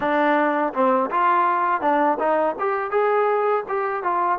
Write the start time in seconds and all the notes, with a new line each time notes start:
0.00 D4
0.73 C4
1.10 F4
1.81 D4
2.19 D#4
2.59 G4
2.91 G#4
3.68 G4
4.03 F4